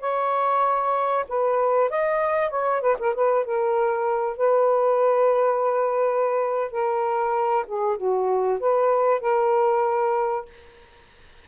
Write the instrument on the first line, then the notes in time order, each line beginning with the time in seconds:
saxophone
0.00 C#5
1.28 B4
1.90 D#5
2.49 C#5
2.81 B4
2.99 A#4
3.14 B4
3.45 A#4
4.37 B4
6.71 A#4
7.66 G#4
7.97 F#4
8.59 B4
9.20 A#4